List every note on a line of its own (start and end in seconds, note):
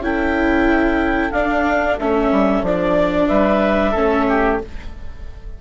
0.00 1.30 C#4
0.00 1.33 E4
0.00 3.28 A4
0.00 1.31 G5
1.31 1.97 D4
1.31 1.99 D4
1.31 1.96 F5
1.99 2.31 A3
1.99 2.65 C#4
1.99 2.64 E5
2.32 2.62 G3
2.62 3.27 F3
2.62 3.95 D4
2.62 3.28 D5
3.28 3.95 G3
3.28 3.91 B4
3.28 4.58 E5
3.91 4.61 A3
3.91 4.60 C#4
3.91 4.24 A4
4.29 4.61 G4